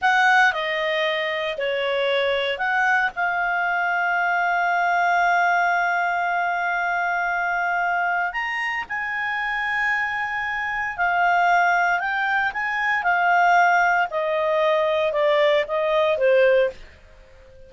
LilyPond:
\new Staff \with { instrumentName = "clarinet" } { \time 4/4 \tempo 4 = 115 fis''4 dis''2 cis''4~ | cis''4 fis''4 f''2~ | f''1~ | f''1 |
ais''4 gis''2.~ | gis''4 f''2 g''4 | gis''4 f''2 dis''4~ | dis''4 d''4 dis''4 c''4 | }